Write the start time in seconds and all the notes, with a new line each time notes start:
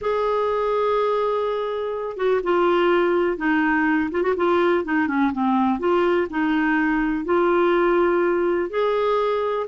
0.01 G#4
2.16 F#4
2.43 F4
3.37 D#4
4.11 F4
4.22 F#4
4.36 F4
4.84 D#4
5.07 C#4
5.32 C4
5.79 F4
6.29 D#4
7.25 F4
8.69 G#4